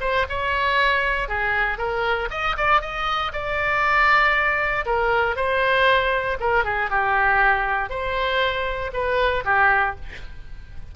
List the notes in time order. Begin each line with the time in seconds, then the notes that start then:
0.00 C5
0.29 C#5
1.28 G#4
1.78 A#4
2.30 D#5
2.57 D5
2.81 D#5
3.32 D5
4.85 A#4
5.36 C5
6.40 A#4
6.64 G#4
6.89 G4
7.89 C5
8.93 B4
9.44 G4